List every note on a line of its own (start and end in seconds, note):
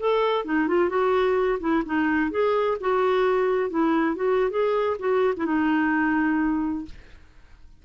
0.00 0.45 A4
0.45 0.68 D#4
0.68 0.89 F4
0.89 1.59 F#4
1.60 1.84 E4
1.86 2.31 D#4
2.31 2.78 G#4
2.81 3.70 F#4
3.70 4.16 E4
4.16 4.51 F#4
4.51 4.97 G#4
5.00 5.35 F#4
5.37 5.46 E4
5.46 6.86 D#4